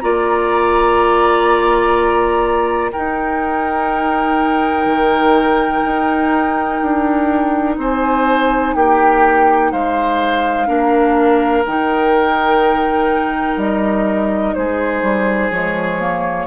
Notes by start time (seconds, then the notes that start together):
0.00 A#3 F4 D5 A#5
2.92 D#4 A#4 G5
4.85 D#3
5.84 D#4
6.81 D4
7.77 C4 C5 G#5
8.74 A#3 G4 G5
9.71 G#3 C5 F5
10.67 A#3 D4 A#4
11.66 D#3 D#4 G5
13.56 G3 D#5
14.54 G#3 G#4 C5
15.02 G3
15.50 F3 G#3 C#5
15.99 A#3